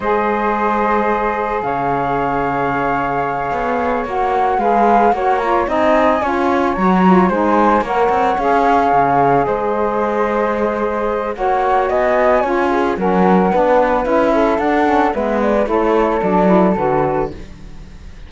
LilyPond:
<<
  \new Staff \with { instrumentName = "flute" } { \time 4/4 \tempo 4 = 111 dis''2. f''4~ | f''2.~ f''8 fis''8~ | fis''8 f''4 fis''8 ais''8 gis''4.~ | gis''8 ais''4 gis''4 fis''4 f''8~ |
f''4. dis''2~ dis''8~ | dis''4 fis''4 gis''2 | fis''2 e''4 fis''4 | e''8 d''8 cis''4 d''4 b'4 | }
  \new Staff \with { instrumentName = "flute" } { \time 4/4 c''2. cis''4~ | cis''1~ | cis''8 b'4 cis''4 dis''4 cis''8~ | cis''4. c''4 cis''4.~ |
cis''4. c''2~ c''8~ | c''4 cis''4 dis''4 cis''8 gis'8 | ais'4 b'4. a'4. | b'4 a'2. | }
  \new Staff \with { instrumentName = "saxophone" } { \time 4/4 gis'1~ | gis'2.~ gis'8 fis'8~ | fis'8 gis'4 fis'8 f'8 dis'4 f'8~ | f'8 fis'8 f'8 dis'4 ais'4 gis'8~ |
gis'1~ | gis'4 fis'2 f'4 | cis'4 d'4 e'4 d'8 cis'8 | b4 e'4 d'8 e'8 fis'4 | }
  \new Staff \with { instrumentName = "cello" } { \time 4/4 gis2. cis4~ | cis2~ cis8 b4 ais8~ | ais8 gis4 ais4 c'4 cis'8~ | cis'8 fis4 gis4 ais8 c'8 cis'8~ |
cis'8 cis4 gis2~ gis8~ | gis4 ais4 b4 cis'4 | fis4 b4 cis'4 d'4 | gis4 a4 fis4 d4 | }
>>